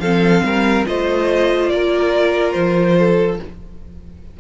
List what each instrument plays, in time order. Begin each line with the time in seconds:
0.00 cello F3, viola C4, violin A4 F5
0.44 cello G3, violin A#4
0.86 cello A3, viola F4, violin C5 D#5
1.69 cello A#3, violin A#4 D5
2.53 cello F3, violin C5
2.98 violin A4